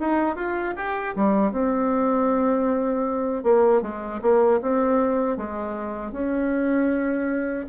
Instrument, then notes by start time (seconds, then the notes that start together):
bassoon
0.00 D#4
0.36 F4
0.77 G4
1.16 G3
1.52 C4
3.44 A#3
3.83 G#3
4.22 A#3
4.62 C4
5.37 G#3
6.12 C#4